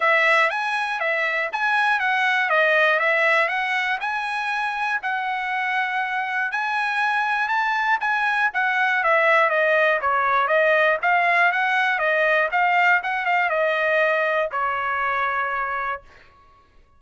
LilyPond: \new Staff \with { instrumentName = "trumpet" } { \time 4/4 \tempo 4 = 120 e''4 gis''4 e''4 gis''4 | fis''4 dis''4 e''4 fis''4 | gis''2 fis''2~ | fis''4 gis''2 a''4 |
gis''4 fis''4 e''4 dis''4 | cis''4 dis''4 f''4 fis''4 | dis''4 f''4 fis''8 f''8 dis''4~ | dis''4 cis''2. | }